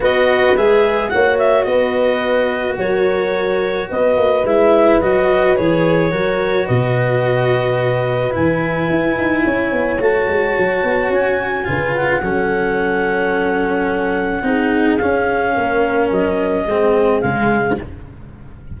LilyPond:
<<
  \new Staff \with { instrumentName = "clarinet" } { \time 4/4 \tempo 4 = 108 dis''4 e''4 fis''8 e''8 dis''4~ | dis''4 cis''2 dis''4 | e''4 dis''4 cis''2 | dis''2. gis''4~ |
gis''2 a''2 | gis''4. fis''2~ fis''8~ | fis''2. f''4~ | f''4 dis''2 f''4 | }
  \new Staff \with { instrumentName = "horn" } { \time 4/4 b'2 cis''4 b'4~ | b'4 ais'2 b'4~ | b'2. ais'4 | b'1~ |
b'4 cis''2.~ | cis''4 b'4 a'2~ | a'2 gis'2 | ais'2 gis'2 | }
  \new Staff \with { instrumentName = "cello" } { \time 4/4 fis'4 gis'4 fis'2~ | fis'1 | e'4 fis'4 gis'4 fis'4~ | fis'2. e'4~ |
e'2 fis'2~ | fis'4 f'4 cis'2~ | cis'2 dis'4 cis'4~ | cis'2 c'4 gis4 | }
  \new Staff \with { instrumentName = "tuba" } { \time 4/4 b4 gis4 ais4 b4~ | b4 fis2 b8 ais8 | gis4 fis4 e4 fis4 | b,2. e4 |
e'8 dis'8 cis'8 b8 a8 gis8 fis8 b8 | cis'4 cis4 fis2~ | fis2 c'4 cis'4 | ais4 fis4 gis4 cis4 | }
>>